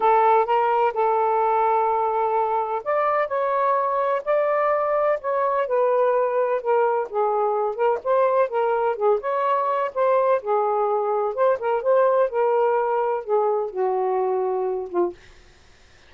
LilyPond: \new Staff \with { instrumentName = "saxophone" } { \time 4/4 \tempo 4 = 127 a'4 ais'4 a'2~ | a'2 d''4 cis''4~ | cis''4 d''2 cis''4 | b'2 ais'4 gis'4~ |
gis'8 ais'8 c''4 ais'4 gis'8 cis''8~ | cis''4 c''4 gis'2 | c''8 ais'8 c''4 ais'2 | gis'4 fis'2~ fis'8 f'8 | }